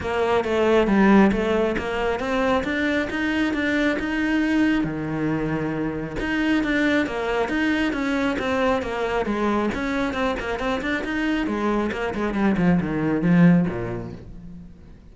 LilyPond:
\new Staff \with { instrumentName = "cello" } { \time 4/4 \tempo 4 = 136 ais4 a4 g4 a4 | ais4 c'4 d'4 dis'4 | d'4 dis'2 dis4~ | dis2 dis'4 d'4 |
ais4 dis'4 cis'4 c'4 | ais4 gis4 cis'4 c'8 ais8 | c'8 d'8 dis'4 gis4 ais8 gis8 | g8 f8 dis4 f4 ais,4 | }